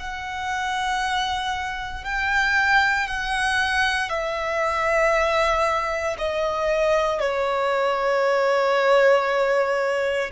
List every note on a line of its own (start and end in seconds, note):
0.00 2.05 F#5
2.05 3.08 G5
3.08 4.10 F#5
4.10 6.16 E5
6.19 7.21 D#5
7.21 10.31 C#5